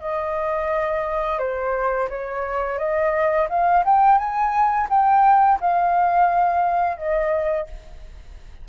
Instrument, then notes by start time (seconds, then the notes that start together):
flute
0.00 D#5
1.39 C5
2.09 C#5
2.78 D#5
3.49 F5
3.85 G5
4.18 G#5
4.90 G5
5.60 F5
6.97 D#5